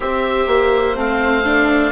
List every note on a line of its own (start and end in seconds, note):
0.00 0.45 C4
0.00 0.95 G4
0.00 1.92 C5
0.00 0.96 E5
0.47 0.95 A#3
0.95 1.92 A3
0.95 1.43 C4
0.95 1.92 F5
1.44 1.92 D4